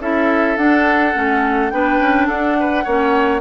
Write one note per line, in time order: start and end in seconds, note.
0.00 0.56 C#4
0.00 0.57 E4
0.00 1.72 A4
0.00 0.56 E5
0.56 1.14 D4
0.56 1.13 D4
0.56 1.70 F#5
1.13 1.72 A3
1.13 1.70 C#4
1.70 2.00 B3
1.70 2.85 D4
1.70 2.27 B4
1.70 2.27 G5
2.00 2.28 C#4
2.27 2.85 D4
2.27 2.56 A4
2.27 3.41 F#5
2.60 2.84 B4
2.84 3.41 A#3
2.84 3.41 C#4
2.84 3.41 C#5